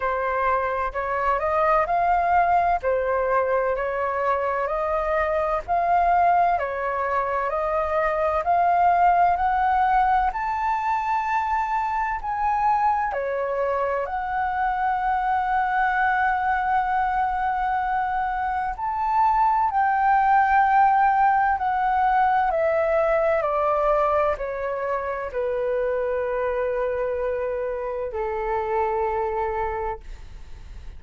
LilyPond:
\new Staff \with { instrumentName = "flute" } { \time 4/4 \tempo 4 = 64 c''4 cis''8 dis''8 f''4 c''4 | cis''4 dis''4 f''4 cis''4 | dis''4 f''4 fis''4 a''4~ | a''4 gis''4 cis''4 fis''4~ |
fis''1 | a''4 g''2 fis''4 | e''4 d''4 cis''4 b'4~ | b'2 a'2 | }